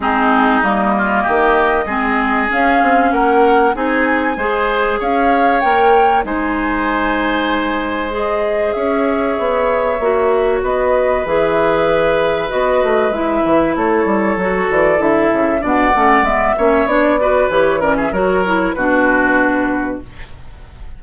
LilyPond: <<
  \new Staff \with { instrumentName = "flute" } { \time 4/4 \tempo 4 = 96 gis'4 dis''2. | f''4 fis''4 gis''2 | f''4 g''4 gis''2~ | gis''4 dis''4 e''2~ |
e''4 dis''4 e''2 | dis''4 e''4 cis''4. d''8 | e''4 fis''4 e''4 d''4 | cis''8 d''16 e''16 cis''4 b'2 | }
  \new Staff \with { instrumentName = "oboe" } { \time 4/4 dis'4. f'8 g'4 gis'4~ | gis'4 ais'4 gis'4 c''4 | cis''2 c''2~ | c''2 cis''2~ |
cis''4 b'2.~ | b'2 a'2~ | a'4 d''4. cis''4 b'8~ | b'8 ais'16 gis'16 ais'4 fis'2 | }
  \new Staff \with { instrumentName = "clarinet" } { \time 4/4 c'4 ais2 c'4 | cis'2 dis'4 gis'4~ | gis'4 ais'4 dis'2~ | dis'4 gis'2. |
fis'2 gis'2 | fis'4 e'2 fis'4 | e'4 d'8 cis'8 b8 cis'8 d'8 fis'8 | g'8 cis'8 fis'8 e'8 d'2 | }
  \new Staff \with { instrumentName = "bassoon" } { \time 4/4 gis4 g4 dis4 gis4 | cis'8 c'8 ais4 c'4 gis4 | cis'4 ais4 gis2~ | gis2 cis'4 b4 |
ais4 b4 e2 | b8 a8 gis8 e8 a8 g8 fis8 e8 | d8 cis8 b,8 a8 gis8 ais8 b4 | e4 fis4 b,2 | }
>>